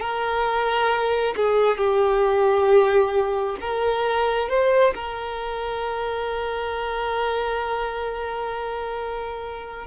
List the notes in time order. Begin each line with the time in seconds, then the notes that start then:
0.00 A#4
1.36 G#4
1.77 G4
3.60 A#4
4.49 C5
4.95 A#4